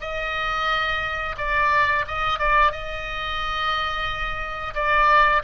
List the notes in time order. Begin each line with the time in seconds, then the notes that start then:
0.00 D#5
1.37 D5
2.07 D#5
2.39 D5
2.71 D#5
4.74 D5